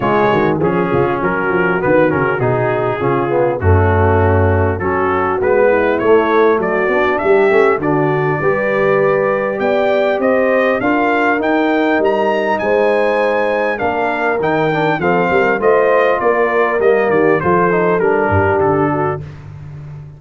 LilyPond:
<<
  \new Staff \with { instrumentName = "trumpet" } { \time 4/4 \tempo 4 = 100 cis''4 gis'4 ais'4 b'8 ais'8 | gis'2 fis'2 | a'4 b'4 cis''4 d''4 | e''4 d''2. |
g''4 dis''4 f''4 g''4 | ais''4 gis''2 f''4 | g''4 f''4 dis''4 d''4 | dis''8 d''8 c''4 ais'4 a'4 | }
  \new Staff \with { instrumentName = "horn" } { \time 4/4 f'8 fis'8 gis'8 f'8 fis'2~ | fis'4 f'4 cis'2 | fis'4. e'4. fis'4 | g'4 fis'4 b'2 |
d''4 c''4 ais'2~ | ais'4 c''2 ais'4~ | ais'4 a'8 ais'8 c''4 ais'4~ | ais'8 g'8 a'4. g'4 fis'8 | }
  \new Staff \with { instrumentName = "trombone" } { \time 4/4 gis4 cis'2 b8 cis'8 | dis'4 cis'8 b8 a2 | cis'4 b4 a4. d'8~ | d'8 cis'8 d'4 g'2~ |
g'2 f'4 dis'4~ | dis'2. d'4 | dis'8 d'8 c'4 f'2 | ais4 f'8 dis'8 d'2 | }
  \new Staff \with { instrumentName = "tuba" } { \time 4/4 cis8 dis8 f8 cis8 fis8 f8 dis8 cis8 | b,4 cis4 fis,2 | fis4 gis4 a4 fis8 b8 | g8 a8 d4 g2 |
b4 c'4 d'4 dis'4 | g4 gis2 ais4 | dis4 f8 g8 a4 ais4 | g8 dis8 f4 g8 g,8 d4 | }
>>